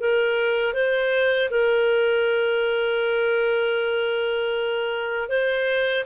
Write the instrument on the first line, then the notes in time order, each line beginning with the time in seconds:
clarinet
0.00 A#4
0.74 C5
1.50 A#4
5.29 C5